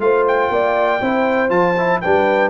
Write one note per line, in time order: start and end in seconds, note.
0.00 0.50 A3
0.00 1.01 F4
0.00 0.53 C5
0.00 0.26 F5
0.28 1.51 G5
0.50 1.00 A#3
0.50 1.02 D5
1.02 1.50 C4
1.02 1.49 E4
1.02 2.02 C5
1.49 2.00 F3
1.49 1.74 F4
1.49 2.01 A5
1.78 2.03 E4
2.02 2.51 G3
2.02 2.51 D4
2.02 2.51 B4
2.02 2.51 G5